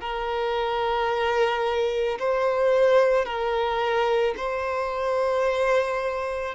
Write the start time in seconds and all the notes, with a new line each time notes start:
0.00 A#4
2.19 C5
3.25 A#4
4.36 C5